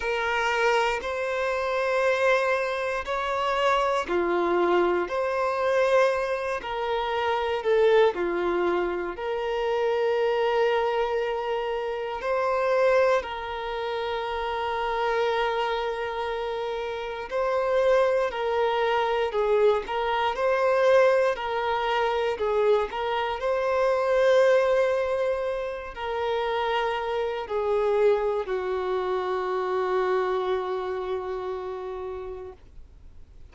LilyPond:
\new Staff \with { instrumentName = "violin" } { \time 4/4 \tempo 4 = 59 ais'4 c''2 cis''4 | f'4 c''4. ais'4 a'8 | f'4 ais'2. | c''4 ais'2.~ |
ais'4 c''4 ais'4 gis'8 ais'8 | c''4 ais'4 gis'8 ais'8 c''4~ | c''4. ais'4. gis'4 | fis'1 | }